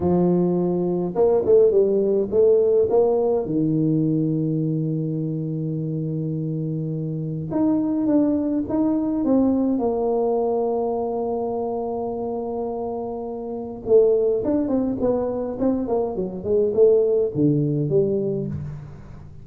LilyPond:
\new Staff \with { instrumentName = "tuba" } { \time 4/4 \tempo 4 = 104 f2 ais8 a8 g4 | a4 ais4 dis2~ | dis1~ | dis4 dis'4 d'4 dis'4 |
c'4 ais2.~ | ais1 | a4 d'8 c'8 b4 c'8 ais8 | fis8 gis8 a4 d4 g4 | }